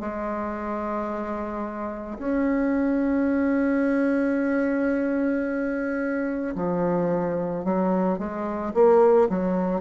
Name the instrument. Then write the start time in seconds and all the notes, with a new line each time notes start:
bassoon
0.00 G#3
2.19 C#4
6.55 F3
7.64 F#3
8.18 G#3
8.74 A#3
9.29 F#3